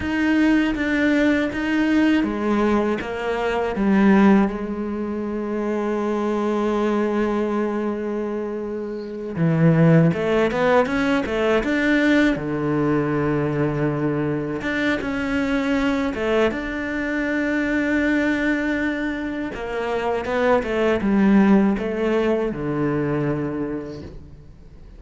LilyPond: \new Staff \with { instrumentName = "cello" } { \time 4/4 \tempo 4 = 80 dis'4 d'4 dis'4 gis4 | ais4 g4 gis2~ | gis1~ | gis8 e4 a8 b8 cis'8 a8 d'8~ |
d'8 d2. d'8 | cis'4. a8 d'2~ | d'2 ais4 b8 a8 | g4 a4 d2 | }